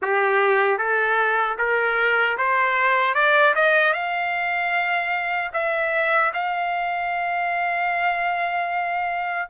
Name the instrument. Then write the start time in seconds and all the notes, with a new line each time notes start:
trumpet
0.02 G4
0.78 A4
1.58 A#4
2.37 C5
3.14 D5
3.55 D#5
3.93 F5
5.53 E5
6.33 F5